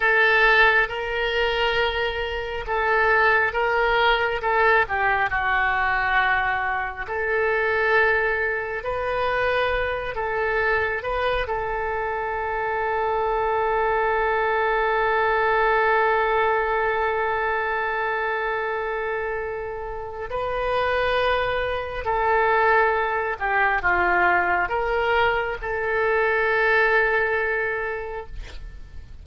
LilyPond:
\new Staff \with { instrumentName = "oboe" } { \time 4/4 \tempo 4 = 68 a'4 ais'2 a'4 | ais'4 a'8 g'8 fis'2 | a'2 b'4. a'8~ | a'8 b'8 a'2.~ |
a'1~ | a'2. b'4~ | b'4 a'4. g'8 f'4 | ais'4 a'2. | }